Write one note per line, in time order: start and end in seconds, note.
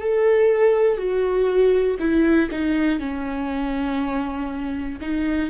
0.00 0.97 A4
0.97 1.97 F#4
2.00 2.50 E4
2.51 3.00 D#4
3.00 5.00 C#4
5.01 5.50 D#4